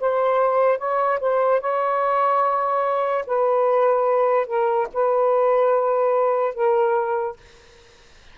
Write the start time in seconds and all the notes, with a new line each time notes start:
0.00 C5
0.78 C#5
1.20 C5
1.60 C#5
3.26 B4
4.46 A#4
4.93 B4
6.54 A#4